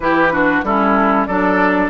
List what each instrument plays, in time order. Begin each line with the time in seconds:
0.00 bassoon E3, clarinet E4, oboe G4, flute B4
0.31 clarinet D4, oboe F#4
0.63 bassoon G3, clarinet C#4, oboe E4, flute A4
1.25 bassoon F#3, clarinet D4, oboe A4, flute D5